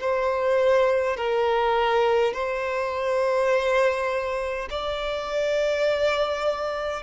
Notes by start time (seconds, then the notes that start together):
0.00 C5
1.17 A#4
2.33 C5
4.70 D5